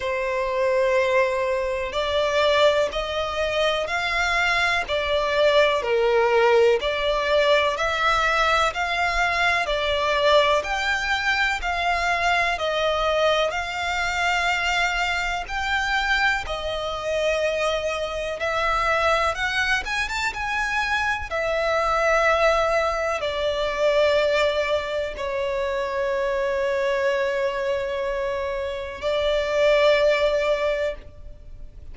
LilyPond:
\new Staff \with { instrumentName = "violin" } { \time 4/4 \tempo 4 = 62 c''2 d''4 dis''4 | f''4 d''4 ais'4 d''4 | e''4 f''4 d''4 g''4 | f''4 dis''4 f''2 |
g''4 dis''2 e''4 | fis''8 gis''16 a''16 gis''4 e''2 | d''2 cis''2~ | cis''2 d''2 | }